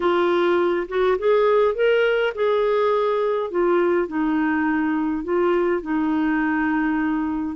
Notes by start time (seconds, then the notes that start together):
0.00 F4
0.88 F#4
1.18 G#4
1.74 A#4
2.34 G#4
3.50 F4
4.07 D#4
5.23 F4
5.81 D#4